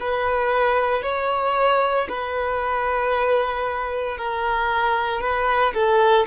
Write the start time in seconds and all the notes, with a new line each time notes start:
0.00 B4
1.02 C#5
2.09 B4
4.17 A#4
5.21 B4
5.74 A4